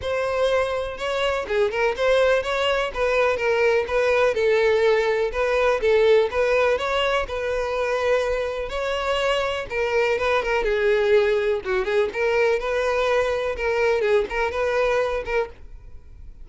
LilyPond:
\new Staff \with { instrumentName = "violin" } { \time 4/4 \tempo 4 = 124 c''2 cis''4 gis'8 ais'8 | c''4 cis''4 b'4 ais'4 | b'4 a'2 b'4 | a'4 b'4 cis''4 b'4~ |
b'2 cis''2 | ais'4 b'8 ais'8 gis'2 | fis'8 gis'8 ais'4 b'2 | ais'4 gis'8 ais'8 b'4. ais'8 | }